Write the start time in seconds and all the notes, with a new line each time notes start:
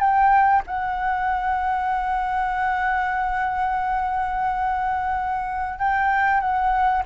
0.00 G5
0.67 F#5
5.79 G5
6.40 F#5